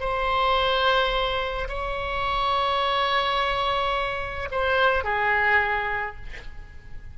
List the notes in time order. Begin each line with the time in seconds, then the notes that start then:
0.00 C5
1.68 C#5
4.51 C5
5.04 G#4